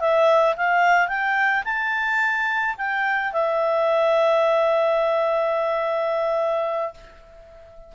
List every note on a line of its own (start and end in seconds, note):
0.00 0.56 E5
0.56 1.08 F5
1.08 1.64 G5
1.64 2.76 A5
2.78 3.33 G5
3.33 6.94 E5